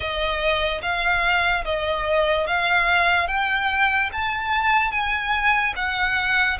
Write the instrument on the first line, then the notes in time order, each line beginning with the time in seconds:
violin
0.00 D#5
0.82 F5
1.64 D#5
2.47 F5
3.27 G5
4.12 A5
4.91 G#5
5.75 F#5